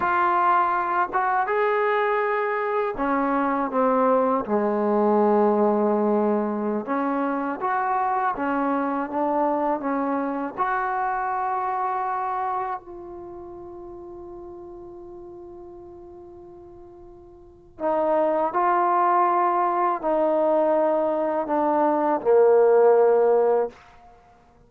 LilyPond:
\new Staff \with { instrumentName = "trombone" } { \time 4/4 \tempo 4 = 81 f'4. fis'8 gis'2 | cis'4 c'4 gis2~ | gis4~ gis16 cis'4 fis'4 cis'8.~ | cis'16 d'4 cis'4 fis'4.~ fis'16~ |
fis'4~ fis'16 f'2~ f'8.~ | f'1 | dis'4 f'2 dis'4~ | dis'4 d'4 ais2 | }